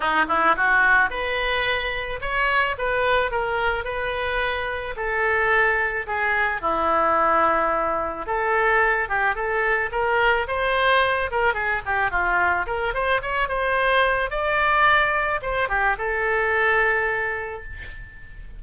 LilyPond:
\new Staff \with { instrumentName = "oboe" } { \time 4/4 \tempo 4 = 109 dis'8 e'8 fis'4 b'2 | cis''4 b'4 ais'4 b'4~ | b'4 a'2 gis'4 | e'2. a'4~ |
a'8 g'8 a'4 ais'4 c''4~ | c''8 ais'8 gis'8 g'8 f'4 ais'8 c''8 | cis''8 c''4. d''2 | c''8 g'8 a'2. | }